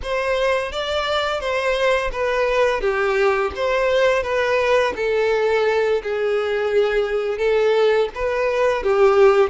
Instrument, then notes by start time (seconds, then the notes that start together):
violin
0.02 C5
0.72 D5
1.40 C5
2.12 B4
2.80 G4
3.55 C5
4.23 B4
4.96 A4
6.02 G#4
7.38 A4
8.14 B4
8.83 G4